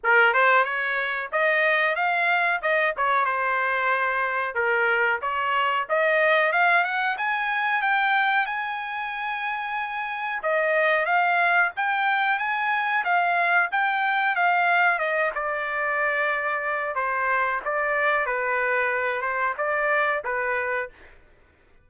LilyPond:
\new Staff \with { instrumentName = "trumpet" } { \time 4/4 \tempo 4 = 92 ais'8 c''8 cis''4 dis''4 f''4 | dis''8 cis''8 c''2 ais'4 | cis''4 dis''4 f''8 fis''8 gis''4 | g''4 gis''2. |
dis''4 f''4 g''4 gis''4 | f''4 g''4 f''4 dis''8 d''8~ | d''2 c''4 d''4 | b'4. c''8 d''4 b'4 | }